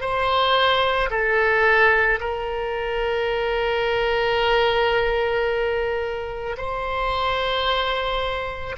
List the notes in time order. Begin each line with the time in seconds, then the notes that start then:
0.00 C5
1.10 A4
2.20 A#4
6.57 C5